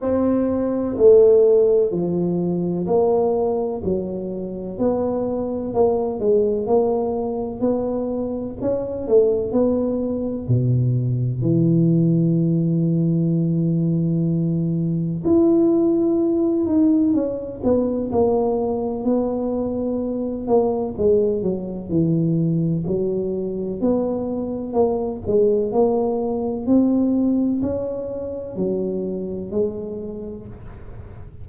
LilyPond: \new Staff \with { instrumentName = "tuba" } { \time 4/4 \tempo 4 = 63 c'4 a4 f4 ais4 | fis4 b4 ais8 gis8 ais4 | b4 cis'8 a8 b4 b,4 | e1 |
e'4. dis'8 cis'8 b8 ais4 | b4. ais8 gis8 fis8 e4 | fis4 b4 ais8 gis8 ais4 | c'4 cis'4 fis4 gis4 | }